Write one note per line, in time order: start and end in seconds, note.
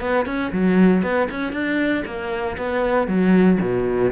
0.00 0.26 B3
0.26 0.51 C#4
0.52 1.03 F#3
1.03 1.28 B3
1.31 1.53 C#4
1.53 2.04 D4
2.06 2.57 A#3
2.58 3.08 B3
3.08 3.59 F#3
3.61 4.12 B2